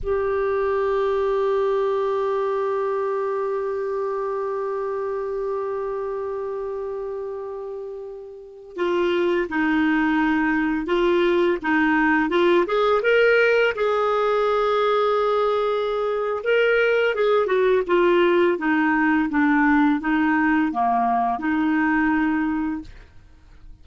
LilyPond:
\new Staff \with { instrumentName = "clarinet" } { \time 4/4 \tempo 4 = 84 g'1~ | g'1~ | g'1~ | g'16 f'4 dis'2 f'8.~ |
f'16 dis'4 f'8 gis'8 ais'4 gis'8.~ | gis'2. ais'4 | gis'8 fis'8 f'4 dis'4 d'4 | dis'4 ais4 dis'2 | }